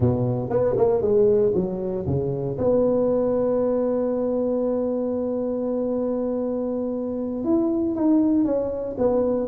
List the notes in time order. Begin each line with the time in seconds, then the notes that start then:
0.00 B2
0.49 B3
0.76 A#3
1.01 G#3
1.54 F#3
2.06 C#3
2.58 B3
7.44 E4
7.95 D#4
8.44 C#4
8.98 B3